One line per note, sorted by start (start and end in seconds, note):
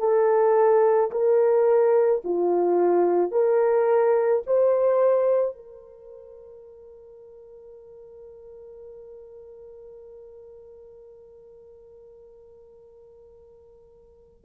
0.00 1.11 A4
1.12 2.23 A#4
2.25 3.32 F4
3.32 4.43 A#4
4.47 5.56 C5
5.56 14.45 A#4